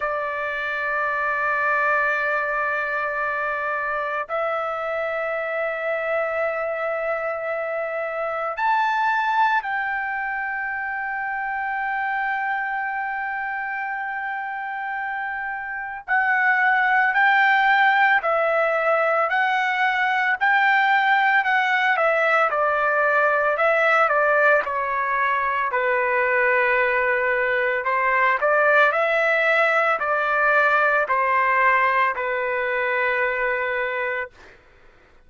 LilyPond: \new Staff \with { instrumentName = "trumpet" } { \time 4/4 \tempo 4 = 56 d''1 | e''1 | a''4 g''2.~ | g''2. fis''4 |
g''4 e''4 fis''4 g''4 | fis''8 e''8 d''4 e''8 d''8 cis''4 | b'2 c''8 d''8 e''4 | d''4 c''4 b'2 | }